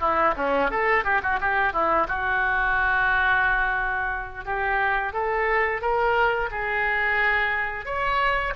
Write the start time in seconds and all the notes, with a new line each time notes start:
0.00 E4
0.37 C#4
0.70 A4
1.04 G4
1.22 F#4
1.40 G4
1.73 E4
2.08 F#4
4.45 G4
5.13 A4
5.81 A#4
6.51 G#4
7.85 C#5